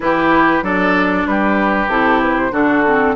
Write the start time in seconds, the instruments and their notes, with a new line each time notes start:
0.00 bassoon E3, clarinet E4, oboe G4, flute B4
0.62 bassoon F#3, clarinet D4, oboe A4, flute D5
1.26 bassoon G3, oboe G4, flute B4
1.87 bassoon C3, clarinet E4, flute A4
2.21 flute B4
2.37 flute C5
2.51 bassoon D3, clarinet D4, oboe F#4, flute A4
2.86 clarinet C4